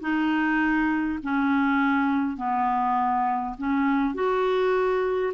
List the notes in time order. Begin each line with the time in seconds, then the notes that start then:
0.00 D#4
1.23 C#4
2.36 B3
3.58 C#4
4.14 F#4